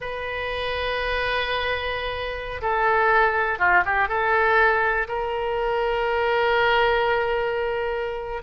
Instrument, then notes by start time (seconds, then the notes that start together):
oboe
0.00 B4
2.61 A4
3.58 F4
3.85 G4
4.08 A4
5.08 A#4